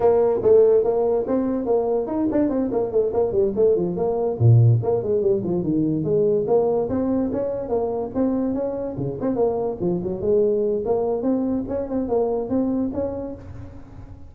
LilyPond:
\new Staff \with { instrumentName = "tuba" } { \time 4/4 \tempo 4 = 144 ais4 a4 ais4 c'4 | ais4 dis'8 d'8 c'8 ais8 a8 ais8 | g8 a8 f8 ais4 ais,4 ais8 | gis8 g8 f8 dis4 gis4 ais8~ |
ais8 c'4 cis'4 ais4 c'8~ | c'8 cis'4 cis8 c'8 ais4 f8 | fis8 gis4. ais4 c'4 | cis'8 c'8 ais4 c'4 cis'4 | }